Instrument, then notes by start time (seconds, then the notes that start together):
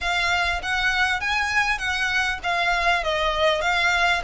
violin
0.01 F5
0.62 F#5
1.20 G#5
1.78 F#5
2.43 F5
3.03 D#5
3.61 F5